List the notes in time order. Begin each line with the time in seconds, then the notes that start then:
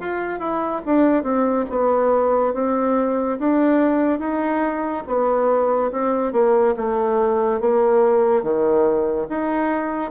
0.00 F4
0.40 E4
0.86 D4
1.24 C4
1.70 B3
2.54 C4
3.40 D4
4.20 D#4
5.07 B3
5.92 C4
6.33 A#3
6.77 A3
7.61 A#3
8.43 D#3
9.30 D#4